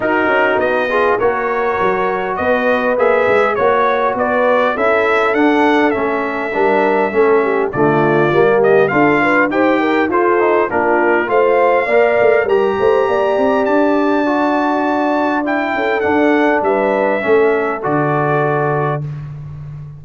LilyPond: <<
  \new Staff \with { instrumentName = "trumpet" } { \time 4/4 \tempo 4 = 101 ais'4 dis''4 cis''2 | dis''4 e''4 cis''4 d''4 | e''4 fis''4 e''2~ | e''4 d''4. dis''8 f''4 |
g''4 c''4 ais'4 f''4~ | f''4 ais''2 a''4~ | a''2 g''4 fis''4 | e''2 d''2 | }
  \new Staff \with { instrumentName = "horn" } { \time 4/4 fis'4. gis'8 ais'2 | b'2 cis''4 b'4 | a'2. ais'4 | a'8 g'8 f'4~ f'16 g'8. a'8 b'8 |
c''8 ais'8 a'4 f'4 c''4 | d''4 ais'8 c''8 d''2~ | d''2~ d''8 a'4. | b'4 a'2. | }
  \new Staff \with { instrumentName = "trombone" } { \time 4/4 dis'4. f'8 fis'2~ | fis'4 gis'4 fis'2 | e'4 d'4 cis'4 d'4 | cis'4 a4 ais4 f'4 |
g'4 f'8 dis'8 d'4 f'4 | ais'4 g'2. | fis'2 e'4 d'4~ | d'4 cis'4 fis'2 | }
  \new Staff \with { instrumentName = "tuba" } { \time 4/4 dis'8 cis'8 b4 ais4 fis4 | b4 ais8 gis8 ais4 b4 | cis'4 d'4 a4 g4 | a4 d4 g4 d'4 |
dis'4 f'4 ais4 a4 | ais8 a8 g8 a8 ais8 c'8 d'4~ | d'2~ d'8 cis'8 d'4 | g4 a4 d2 | }
>>